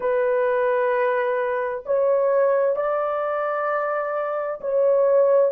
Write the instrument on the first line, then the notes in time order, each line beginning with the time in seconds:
horn
0.00 B4
1.85 C#5
2.76 D5
4.61 C#5